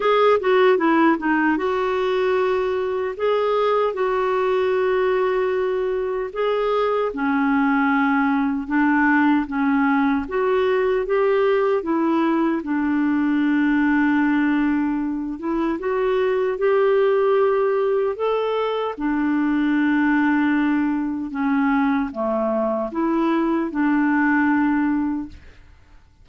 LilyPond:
\new Staff \with { instrumentName = "clarinet" } { \time 4/4 \tempo 4 = 76 gis'8 fis'8 e'8 dis'8 fis'2 | gis'4 fis'2. | gis'4 cis'2 d'4 | cis'4 fis'4 g'4 e'4 |
d'2.~ d'8 e'8 | fis'4 g'2 a'4 | d'2. cis'4 | a4 e'4 d'2 | }